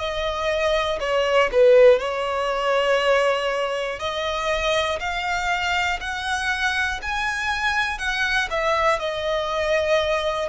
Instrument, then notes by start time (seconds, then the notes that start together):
violin
0.00 D#5
1.00 C#5
1.52 B4
2.00 C#5
4.00 D#5
5.00 F5
6.01 F#5
7.02 G#5
7.99 F#5
8.51 E5
9.00 D#5